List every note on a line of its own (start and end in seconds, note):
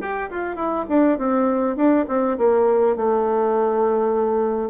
0.00 0.29 G4
0.30 0.55 F4
0.55 0.85 E4
0.89 1.18 D4
1.18 1.76 C4
1.76 2.05 D4
2.08 2.37 C4
2.37 2.96 A#3
2.96 4.70 A3